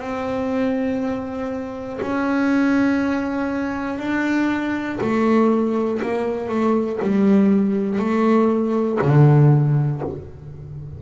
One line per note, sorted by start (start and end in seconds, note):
0.00 2.00 C4
2.01 3.99 C#4
3.99 4.99 D4
5.00 6.00 A3
6.02 6.49 A#3
6.49 6.99 A3
7.02 7.99 G3
7.99 8.99 A3
9.01 10.01 D3